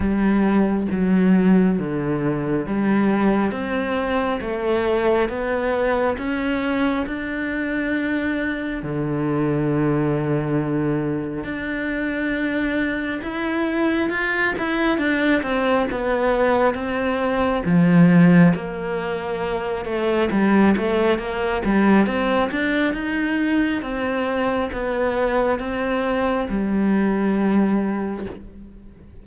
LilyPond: \new Staff \with { instrumentName = "cello" } { \time 4/4 \tempo 4 = 68 g4 fis4 d4 g4 | c'4 a4 b4 cis'4 | d'2 d2~ | d4 d'2 e'4 |
f'8 e'8 d'8 c'8 b4 c'4 | f4 ais4. a8 g8 a8 | ais8 g8 c'8 d'8 dis'4 c'4 | b4 c'4 g2 | }